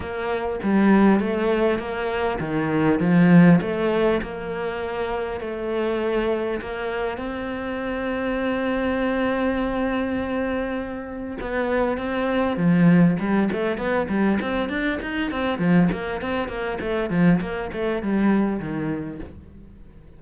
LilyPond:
\new Staff \with { instrumentName = "cello" } { \time 4/4 \tempo 4 = 100 ais4 g4 a4 ais4 | dis4 f4 a4 ais4~ | ais4 a2 ais4 | c'1~ |
c'2. b4 | c'4 f4 g8 a8 b8 g8 | c'8 d'8 dis'8 c'8 f8 ais8 c'8 ais8 | a8 f8 ais8 a8 g4 dis4 | }